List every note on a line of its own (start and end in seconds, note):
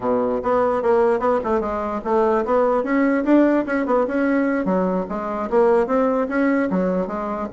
0.00 0.41 B2
0.42 0.82 B3
0.82 1.19 A#3
1.19 1.39 B3
1.44 1.60 A3
1.60 2.00 G#3
2.04 2.44 A3
2.45 2.83 B3
2.83 3.24 C#4
3.24 3.65 D4
3.65 3.86 C#4
3.86 4.06 B3
4.07 4.65 C#4
4.65 5.05 F#3
5.09 5.49 G#3
5.49 5.87 A#3
5.87 6.27 C4
6.28 6.69 C#4
6.70 7.07 F#3
7.07 7.47 G#3